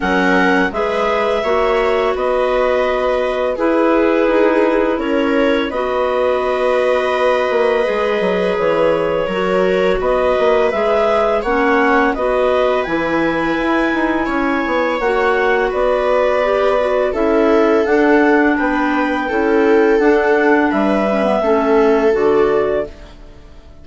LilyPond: <<
  \new Staff \with { instrumentName = "clarinet" } { \time 4/4 \tempo 4 = 84 fis''4 e''2 dis''4~ | dis''4 b'2 cis''4 | dis''1 | cis''2 dis''4 e''4 |
fis''4 dis''4 gis''2~ | gis''4 fis''4 d''2 | e''4 fis''4 g''2 | fis''4 e''2 d''4 | }
  \new Staff \with { instrumentName = "viola" } { \time 4/4 ais'4 b'4 cis''4 b'4~ | b'4 gis'2 ais'4 | b'1~ | b'4 ais'4 b'2 |
cis''4 b'2. | cis''2 b'2 | a'2 b'4 a'4~ | a'4 b'4 a'2 | }
  \new Staff \with { instrumentName = "clarinet" } { \time 4/4 cis'4 gis'4 fis'2~ | fis'4 e'2. | fis'2. gis'4~ | gis'4 fis'2 gis'4 |
cis'4 fis'4 e'2~ | e'4 fis'2 g'8 fis'8 | e'4 d'2 e'4 | d'4. cis'16 b16 cis'4 fis'4 | }
  \new Staff \with { instrumentName = "bassoon" } { \time 4/4 fis4 gis4 ais4 b4~ | b4 e'4 dis'4 cis'4 | b2~ b8 ais8 gis8 fis8 | e4 fis4 b8 ais8 gis4 |
ais4 b4 e4 e'8 dis'8 | cis'8 b8 ais4 b2 | cis'4 d'4 b4 cis'4 | d'4 g4 a4 d4 | }
>>